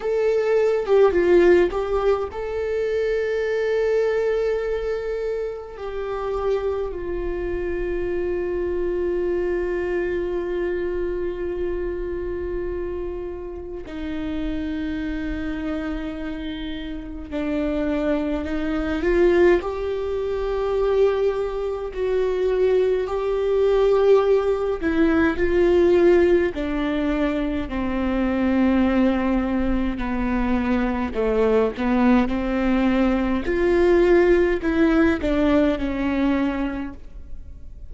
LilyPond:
\new Staff \with { instrumentName = "viola" } { \time 4/4 \tempo 4 = 52 a'8. g'16 f'8 g'8 a'2~ | a'4 g'4 f'2~ | f'1 | dis'2. d'4 |
dis'8 f'8 g'2 fis'4 | g'4. e'8 f'4 d'4 | c'2 b4 a8 b8 | c'4 f'4 e'8 d'8 cis'4 | }